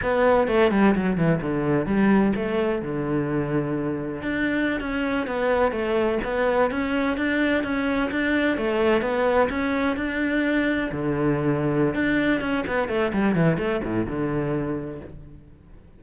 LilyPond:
\new Staff \with { instrumentName = "cello" } { \time 4/4 \tempo 4 = 128 b4 a8 g8 fis8 e8 d4 | g4 a4 d2~ | d4 d'4~ d'16 cis'4 b8.~ | b16 a4 b4 cis'4 d'8.~ |
d'16 cis'4 d'4 a4 b8.~ | b16 cis'4 d'2 d8.~ | d4. d'4 cis'8 b8 a8 | g8 e8 a8 a,8 d2 | }